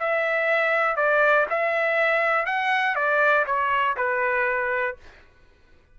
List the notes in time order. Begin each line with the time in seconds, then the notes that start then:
0.00 E5
0.97 D5
1.50 E5
2.46 F#5
2.96 D5
3.47 C#5
3.97 B4